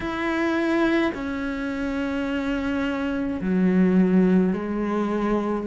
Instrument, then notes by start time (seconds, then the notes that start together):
cello
0.00 E4
1.14 C#4
3.41 F#3
4.53 G#3